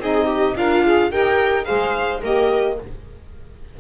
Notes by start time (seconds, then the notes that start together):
0.00 C4 D#4 G#4 D#5
0.27 G4
0.56 D4 F4 A#4 F5
0.85 G#4
1.10 D#4 G4 A#4 G5
1.65 G#3 G#4 C5 F5
2.22 A#3 G4 A#4 D#5